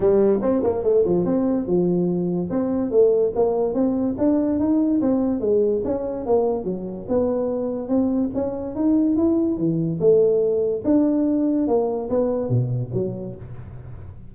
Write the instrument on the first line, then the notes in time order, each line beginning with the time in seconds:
tuba
0.00 G3
0.42 C4
0.63 A#3
0.83 A3
1.05 F3
1.25 C4
1.66 F3
2.50 C4
2.91 A3
3.35 A#3
3.74 C4
4.18 D4
4.59 D#4
5.01 C4
5.40 G#3
5.84 C#4
6.26 A#3
6.64 F#3
7.08 B3
7.88 C4
8.34 C#4
8.75 D#4
9.16 E4
9.57 E3
10.00 A3
10.84 D4
11.67 A#3
12.09 B3
12.49 B2
12.93 F#3